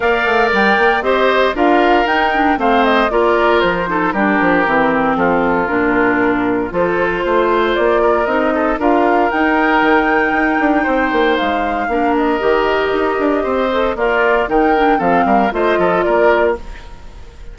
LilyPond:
<<
  \new Staff \with { instrumentName = "flute" } { \time 4/4 \tempo 4 = 116 f''4 g''4 dis''4 f''4 | g''4 f''8 dis''8 d''4 c''4 | ais'2 a'4 ais'4~ | ais'4 c''2 d''4 |
dis''4 f''4 g''2~ | g''2 f''4. dis''8~ | dis''2. d''4 | g''4 f''4 dis''4 d''4 | }
  \new Staff \with { instrumentName = "oboe" } { \time 4/4 d''2 c''4 ais'4~ | ais'4 c''4 ais'4. a'8 | g'2 f'2~ | f'4 a'4 c''4. ais'8~ |
ais'8 a'8 ais'2.~ | ais'4 c''2 ais'4~ | ais'2 c''4 f'4 | ais'4 a'8 ais'8 c''8 a'8 ais'4 | }
  \new Staff \with { instrumentName = "clarinet" } { \time 4/4 ais'2 g'4 f'4 | dis'8 d'8 c'4 f'4. dis'8 | d'4 c'2 d'4~ | d'4 f'2. |
dis'4 f'4 dis'2~ | dis'2. d'4 | g'2~ g'8 a'8 ais'4 | dis'8 d'8 c'4 f'2 | }
  \new Staff \with { instrumentName = "bassoon" } { \time 4/4 ais8 a8 g8 ais8 c'4 d'4 | dis'4 a4 ais4 f4 | g8 f8 e4 f4 ais,4~ | ais,4 f4 a4 ais4 |
c'4 d'4 dis'4 dis4 | dis'8 d'8 c'8 ais8 gis4 ais4 | dis4 dis'8 d'8 c'4 ais4 | dis4 f8 g8 a8 f8 ais4 | }
>>